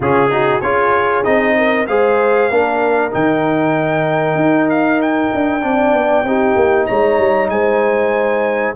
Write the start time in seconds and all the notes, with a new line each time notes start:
0.00 C#3 C#4 F4 G#4
0.30 D#4 F#4
0.61 C#4 F4 G#4 C#5
1.24 C4 D#4 D#5
1.57 A#4
1.87 G#3 G#4 C5 F5
2.50 A#3 D4 A#4
3.10 D#3 D#4 G5
4.35 D#4
4.69 F5
5.01 G5
5.33 D4
5.61 C4 D4 D5
5.92 B3
6.23 C4 D#4 G4
6.55 A#3
6.86 G#3 C#5 A#5
7.18 G3
7.49 G#3 C5 G#5